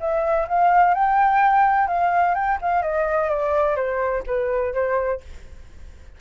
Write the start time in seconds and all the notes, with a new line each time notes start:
0.00 E5
0.48 F5
0.94 G5
1.87 F5
2.34 G5
2.61 F5
2.82 D#5
3.29 D5
3.76 C5
4.27 B4
4.73 C5